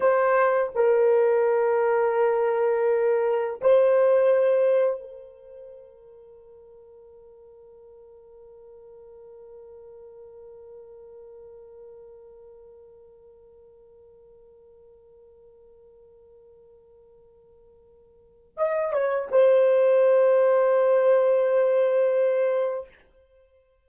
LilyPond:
\new Staff \with { instrumentName = "horn" } { \time 4/4 \tempo 4 = 84 c''4 ais'2.~ | ais'4 c''2 ais'4~ | ais'1~ | ais'1~ |
ais'1~ | ais'1~ | ais'2 dis''8 cis''8 c''4~ | c''1 | }